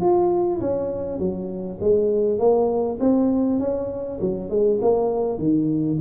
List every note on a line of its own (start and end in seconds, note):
0.00 0.60 F4
0.61 1.18 C#4
1.18 1.78 F#3
1.80 2.39 G#3
2.39 2.99 A#3
2.99 3.59 C4
3.59 4.19 C#4
4.21 4.49 F#3
4.49 4.79 G#3
4.81 5.38 A#3
5.38 5.98 D#3